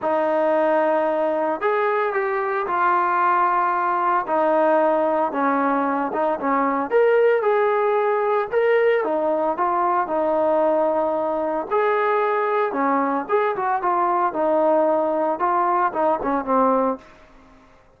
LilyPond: \new Staff \with { instrumentName = "trombone" } { \time 4/4 \tempo 4 = 113 dis'2. gis'4 | g'4 f'2. | dis'2 cis'4. dis'8 | cis'4 ais'4 gis'2 |
ais'4 dis'4 f'4 dis'4~ | dis'2 gis'2 | cis'4 gis'8 fis'8 f'4 dis'4~ | dis'4 f'4 dis'8 cis'8 c'4 | }